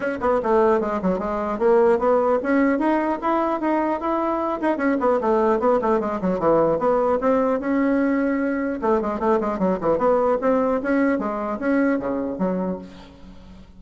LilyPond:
\new Staff \with { instrumentName = "bassoon" } { \time 4/4 \tempo 4 = 150 cis'8 b8 a4 gis8 fis8 gis4 | ais4 b4 cis'4 dis'4 | e'4 dis'4 e'4. dis'8 | cis'8 b8 a4 b8 a8 gis8 fis8 |
e4 b4 c'4 cis'4~ | cis'2 a8 gis8 a8 gis8 | fis8 e8 b4 c'4 cis'4 | gis4 cis'4 cis4 fis4 | }